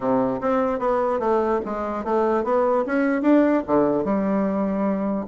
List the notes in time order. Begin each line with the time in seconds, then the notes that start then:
0.00 C3
0.40 C4
0.79 B3
1.19 A3
1.65 G#3
2.04 A3
2.44 B3
2.85 C#4
3.22 D4
3.67 D3
4.04 G3